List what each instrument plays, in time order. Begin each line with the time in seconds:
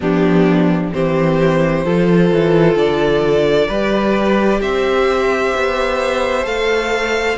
0.00 cello F3, viola B3, violin D4 G4
0.92 cello E3, viola C4, violin G4 C5
1.85 cello F3, viola F4, violin A4
2.32 cello E3
2.75 cello D3, violin D5
3.67 cello G3, viola G4, violin B4
4.61 cello C4, violin C5 E5
5.54 cello B3
6.43 cello A3, viola A4, violin F5